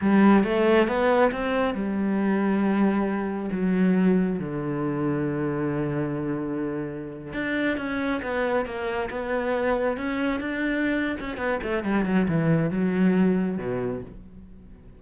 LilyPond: \new Staff \with { instrumentName = "cello" } { \time 4/4 \tempo 4 = 137 g4 a4 b4 c'4 | g1 | fis2 d2~ | d1~ |
d8. d'4 cis'4 b4 ais16~ | ais8. b2 cis'4 d'16~ | d'4. cis'8 b8 a8 g8 fis8 | e4 fis2 b,4 | }